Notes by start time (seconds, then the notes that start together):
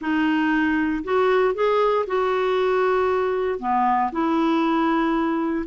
0.01 D#4
1.03 F#4
1.54 G#4
2.07 F#4
3.59 B3
4.11 E4